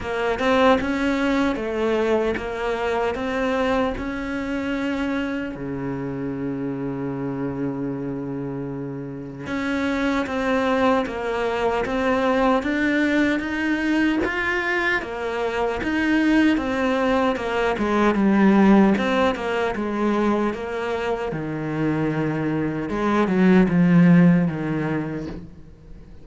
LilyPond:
\new Staff \with { instrumentName = "cello" } { \time 4/4 \tempo 4 = 76 ais8 c'8 cis'4 a4 ais4 | c'4 cis'2 cis4~ | cis1 | cis'4 c'4 ais4 c'4 |
d'4 dis'4 f'4 ais4 | dis'4 c'4 ais8 gis8 g4 | c'8 ais8 gis4 ais4 dis4~ | dis4 gis8 fis8 f4 dis4 | }